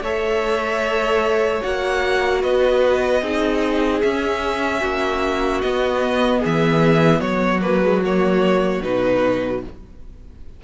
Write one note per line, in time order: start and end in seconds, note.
0.00 1.60 A3
0.00 1.62 A4
0.00 2.42 C#5
0.00 1.63 E5
1.62 2.43 A#3
1.62 3.22 F#4
1.62 2.43 F#5
2.42 3.22 B3
2.42 3.21 B4
2.42 4.01 D#5
3.21 4.02 C4
3.21 4.02 D#4
3.21 4.80 G#4
4.01 4.82 C#4
4.01 5.64 C#4
4.01 5.61 E5
4.80 5.62 A#3
4.80 6.39 F#4
5.61 6.43 B3
5.61 7.61 B3
5.61 6.41 D#5
6.39 7.19 G#4
6.45 7.21 E3
6.45 7.20 E5
7.20 8.81 F#3
7.20 9.61 F#4
7.20 7.60 C#5
7.61 7.81 A#3
7.61 8.02 B4
7.82 8.02 G#3
8.04 8.83 A#3
8.04 8.82 C#5
8.82 9.63 B2
8.82 9.63 D#4
8.82 9.62 B4